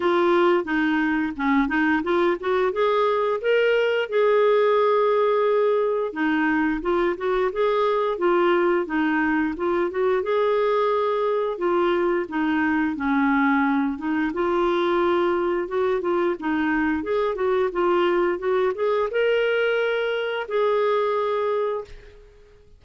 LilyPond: \new Staff \with { instrumentName = "clarinet" } { \time 4/4 \tempo 4 = 88 f'4 dis'4 cis'8 dis'8 f'8 fis'8 | gis'4 ais'4 gis'2~ | gis'4 dis'4 f'8 fis'8 gis'4 | f'4 dis'4 f'8 fis'8 gis'4~ |
gis'4 f'4 dis'4 cis'4~ | cis'8 dis'8 f'2 fis'8 f'8 | dis'4 gis'8 fis'8 f'4 fis'8 gis'8 | ais'2 gis'2 | }